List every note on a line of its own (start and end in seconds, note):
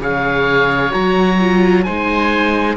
0.00 0.92 C#3
0.00 0.91 G#4
0.00 1.85 C#5
0.00 0.93 F5
0.91 1.87 F#3
0.91 1.37 F#4
0.91 1.84 A#5
1.40 1.87 F4
1.84 2.77 G#3
1.84 2.77 D#4
1.84 2.77 C5
1.84 2.77 G#5